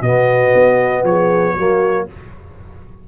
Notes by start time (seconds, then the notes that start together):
0.00 B2 B3 F#4 D#5
0.55 B3
1.03 F3 G#4 C#5
1.54 F#3 A#3 F#4